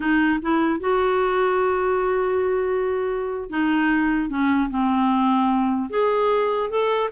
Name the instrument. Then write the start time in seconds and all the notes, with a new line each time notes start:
clarinet
0.00 D#4
0.42 E4
0.80 F#4
3.50 D#4
4.29 C#4
4.69 C4
5.89 G#4
6.69 A4